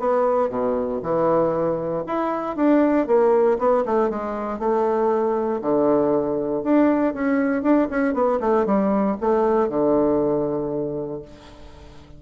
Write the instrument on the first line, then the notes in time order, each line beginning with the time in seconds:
bassoon
0.00 B3
0.50 B2
1.03 E3
2.07 E4
2.57 D4
3.07 A#3
3.59 B3
3.86 A3
4.10 G#3
4.59 A3
5.62 D3
6.64 D4
7.14 C#4
7.63 D4
7.90 C#4
8.14 B3
8.41 A3
8.66 G3
9.21 A3
9.70 D3